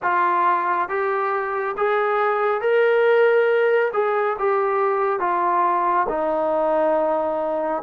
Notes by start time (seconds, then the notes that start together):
0.02 F4
0.88 G4
1.77 G#4
2.61 A#4
3.93 G#4
4.38 G4
5.19 F4
6.08 D#4